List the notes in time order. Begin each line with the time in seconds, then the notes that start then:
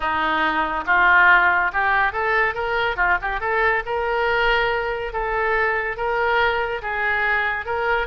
0.00 D#4
0.86 F4
1.72 G4
2.12 A4
2.54 A#4
2.96 F4
3.21 G4
3.40 A4
3.85 A#4
5.13 A4
5.96 A#4
6.82 G#4
7.65 A#4